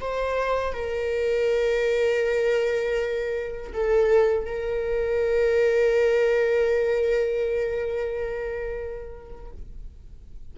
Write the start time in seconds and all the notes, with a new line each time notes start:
0.00 C5
0.73 A#4
3.73 A4
4.45 A#4